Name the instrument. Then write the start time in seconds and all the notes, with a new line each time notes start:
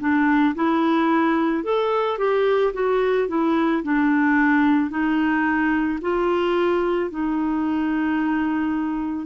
clarinet
0.00 D4
0.55 E4
1.64 A4
2.18 G4
2.73 F#4
3.28 E4
3.83 D4
4.90 D#4
6.01 F4
7.10 D#4